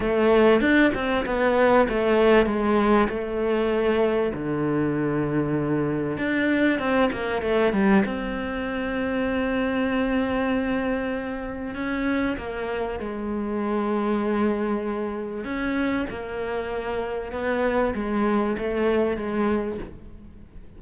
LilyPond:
\new Staff \with { instrumentName = "cello" } { \time 4/4 \tempo 4 = 97 a4 d'8 c'8 b4 a4 | gis4 a2 d4~ | d2 d'4 c'8 ais8 | a8 g8 c'2.~ |
c'2. cis'4 | ais4 gis2.~ | gis4 cis'4 ais2 | b4 gis4 a4 gis4 | }